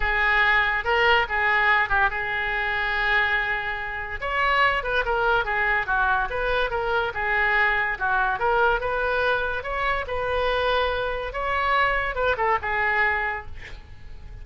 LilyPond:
\new Staff \with { instrumentName = "oboe" } { \time 4/4 \tempo 4 = 143 gis'2 ais'4 gis'4~ | gis'8 g'8 gis'2.~ | gis'2 cis''4. b'8 | ais'4 gis'4 fis'4 b'4 |
ais'4 gis'2 fis'4 | ais'4 b'2 cis''4 | b'2. cis''4~ | cis''4 b'8 a'8 gis'2 | }